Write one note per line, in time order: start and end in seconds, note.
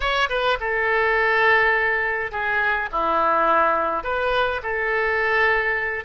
0.00 0.28 C#5
0.29 0.58 B4
0.60 2.31 A4
2.31 2.89 G#4
2.91 4.03 E4
4.03 4.61 B4
4.62 6.04 A4